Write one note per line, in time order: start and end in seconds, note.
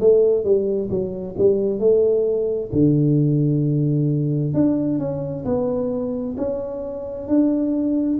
0.00 0.44 A3
0.44 0.90 G3
0.90 1.36 F#3
1.38 1.79 G3
1.79 2.70 A3
2.72 4.54 D3
4.54 4.99 D4
4.99 5.45 C#4
5.45 6.36 B3
6.37 7.28 C#4
7.28 8.19 D4